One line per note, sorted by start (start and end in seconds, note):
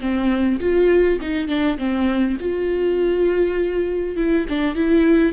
0.00 0.59 C4
0.60 1.19 F4
1.21 1.48 D#4
1.48 1.77 D4
1.78 2.37 C4
2.40 4.16 F4
4.16 4.46 E4
4.49 4.75 D4
4.75 5.32 E4